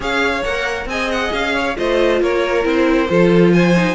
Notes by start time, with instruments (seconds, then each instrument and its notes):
0.00 cello C#4, viola G#4, violin C#5 F5
0.43 cello A#3, viola A#4, violin F#5
0.85 cello C4, viola G#4, violin D#5 G#5
1.11 violin F#5
1.32 cello C#4, violin F5
1.54 violin C#5
1.76 cello A3, viola F4, violin C5 D#5
2.21 cello A#3, violin A#4 C#5
2.62 cello C4, viola E4, violin C5
3.08 cello F3, viola F4, violin A4
3.52 violin C5 G#5
3.75 viola D#4